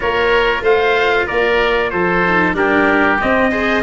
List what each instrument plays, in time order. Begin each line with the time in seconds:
0.00 tuba A#3, cello F4, oboe A#4, trumpet C#5
0.61 tuba A3, oboe C5, trumpet F5
1.26 tuba A#3, oboe A#4, trumpet D5
1.90 tuba F3, oboe A4, trumpet C5
2.26 cello D#4
2.53 tuba G3, cello D4, oboe G4, trumpet A#4
3.20 cello C4, tuba C4, trumpet D#5
3.51 cello G#4, oboe C5